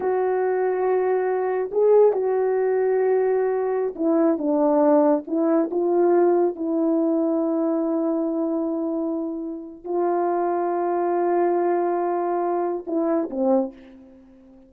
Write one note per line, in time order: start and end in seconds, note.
0.00 1.70 F#4
1.71 2.12 G#4
2.12 3.94 F#4
3.95 4.38 E4
4.38 5.23 D4
5.27 5.70 E4
5.70 6.55 F4
6.55 9.84 E4
9.84 12.84 F4
12.86 13.29 E4
13.30 13.73 C4